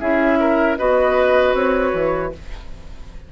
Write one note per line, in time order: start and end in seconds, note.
0.00 0.78 C#4
0.00 0.77 E4
0.00 0.39 G#4
0.00 0.77 E5
0.40 0.78 A#4
0.78 1.54 B3
0.78 2.32 F#4
0.78 2.32 B4
0.78 1.55 D#5
1.54 1.92 C4
1.54 2.33 C#5
1.93 2.32 E3